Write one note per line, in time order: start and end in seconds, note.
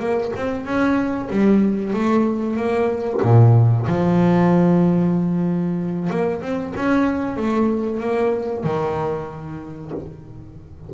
0.00 0.32 A#3
0.37 0.66 C4
0.66 1.29 C#4
1.31 1.94 G3
1.94 2.57 A3
2.57 3.21 A#3
3.23 3.86 A#2
3.88 6.11 F3
6.11 6.42 A#3
6.42 6.74 C4
6.76 7.37 C#4
7.37 8.01 A3
8.01 8.64 A#3
8.64 9.92 D#3